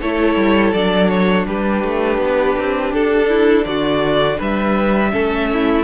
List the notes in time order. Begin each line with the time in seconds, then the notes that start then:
0.00 A3 E4 A4 C#5
0.36 G3
0.73 F#3 D4 D5
1.08 C#5
1.47 G3 G4 B4
1.83 A3
2.18 B3
2.58 C4
2.93 D4 A4
3.28 E4
3.65 D3 F#4 D5
4.38 G3 B4 E5
5.11 A3 C#4 A4
5.53 E4